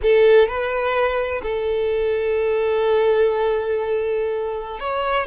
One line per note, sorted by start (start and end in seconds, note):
0.02 0.48 A4
0.48 1.41 B4
1.42 4.79 A4
4.79 5.26 C#5